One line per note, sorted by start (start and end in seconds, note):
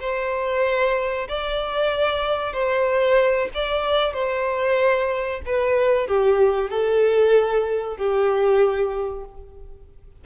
0.00 1.28 C5
1.28 2.53 D5
2.53 3.48 C5
3.54 4.13 D5
4.13 5.41 C5
5.46 6.07 B4
6.07 6.70 G4
6.70 7.97 A4
7.97 9.24 G4